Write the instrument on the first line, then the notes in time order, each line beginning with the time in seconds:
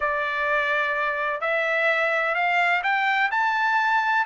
trumpet
0.00 D5
1.40 E5
2.35 F5
2.83 G5
3.31 A5